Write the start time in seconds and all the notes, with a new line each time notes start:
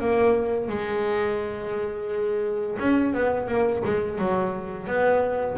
0.00 A#3
0.68 G#3
2.79 C#4
3.14 B3
3.48 A#3
3.85 G#3
4.19 F#3
4.87 B3